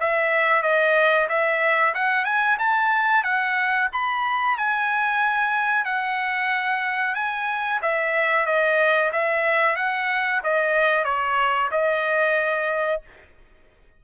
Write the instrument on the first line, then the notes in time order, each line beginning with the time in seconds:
trumpet
0.00 E5
0.62 D#5
1.28 E5
1.94 F#5
2.25 G#5
2.58 A5
3.23 F#5
3.92 B5
4.57 G#5
5.84 F#5
7.15 G#5
7.82 E5
8.46 D#5
9.12 E5
9.76 F#5
10.43 D#5
11.04 C#5
11.71 D#5